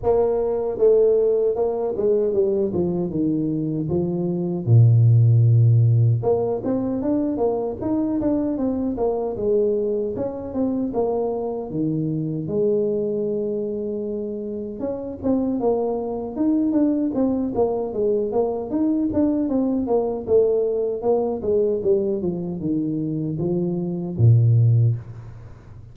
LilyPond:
\new Staff \with { instrumentName = "tuba" } { \time 4/4 \tempo 4 = 77 ais4 a4 ais8 gis8 g8 f8 | dis4 f4 ais,2 | ais8 c'8 d'8 ais8 dis'8 d'8 c'8 ais8 | gis4 cis'8 c'8 ais4 dis4 |
gis2. cis'8 c'8 | ais4 dis'8 d'8 c'8 ais8 gis8 ais8 | dis'8 d'8 c'8 ais8 a4 ais8 gis8 | g8 f8 dis4 f4 ais,4 | }